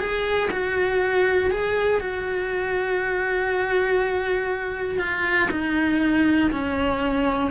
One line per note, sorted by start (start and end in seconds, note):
0.00 0.50 G#4
0.51 1.51 F#4
1.51 2.01 G#4
2.01 4.99 F#4
4.99 5.49 F4
5.51 6.51 D#4
6.52 7.51 C#4